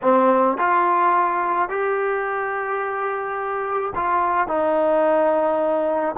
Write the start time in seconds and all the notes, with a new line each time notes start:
0.02 C4
0.57 F4
1.69 G4
3.95 F4
4.47 D#4